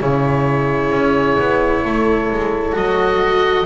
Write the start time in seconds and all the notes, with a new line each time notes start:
0.00 C#3 E4 G#4 C#5
0.90 C#4
1.38 B3
1.83 A3 A4
2.31 G#3
2.72 F#3 F#4 D#5